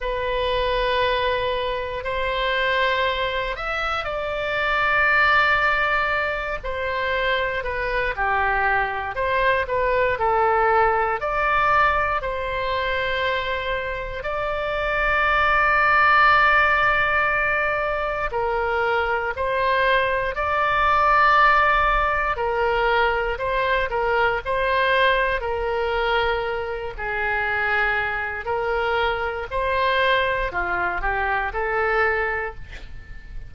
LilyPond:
\new Staff \with { instrumentName = "oboe" } { \time 4/4 \tempo 4 = 59 b'2 c''4. e''8 | d''2~ d''8 c''4 b'8 | g'4 c''8 b'8 a'4 d''4 | c''2 d''2~ |
d''2 ais'4 c''4 | d''2 ais'4 c''8 ais'8 | c''4 ais'4. gis'4. | ais'4 c''4 f'8 g'8 a'4 | }